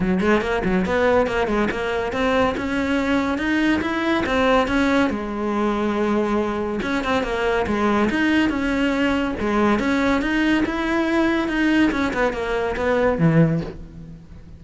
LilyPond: \new Staff \with { instrumentName = "cello" } { \time 4/4 \tempo 4 = 141 fis8 gis8 ais8 fis8 b4 ais8 gis8 | ais4 c'4 cis'2 | dis'4 e'4 c'4 cis'4 | gis1 |
cis'8 c'8 ais4 gis4 dis'4 | cis'2 gis4 cis'4 | dis'4 e'2 dis'4 | cis'8 b8 ais4 b4 e4 | }